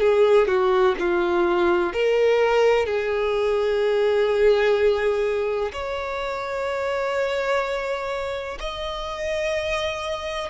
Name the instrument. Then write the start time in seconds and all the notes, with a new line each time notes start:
violin
0.00 G#4
0.47 F#4
0.99 F4
1.93 A#4
2.86 G#4
5.72 C#5
8.60 D#5